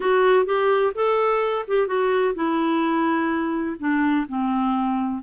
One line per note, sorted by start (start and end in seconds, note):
0.00 0.45 F#4
0.45 0.92 G4
0.94 1.65 A4
1.67 1.87 G4
1.87 2.34 F#4
2.35 3.76 E4
3.79 4.26 D4
4.28 5.22 C4